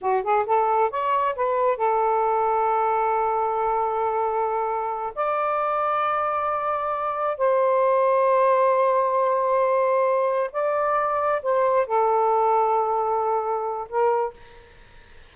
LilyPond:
\new Staff \with { instrumentName = "saxophone" } { \time 4/4 \tempo 4 = 134 fis'8 gis'8 a'4 cis''4 b'4 | a'1~ | a'2.~ a'8 d''8~ | d''1~ |
d''8 c''2.~ c''8~ | c''2.~ c''8 d''8~ | d''4. c''4 a'4.~ | a'2. ais'4 | }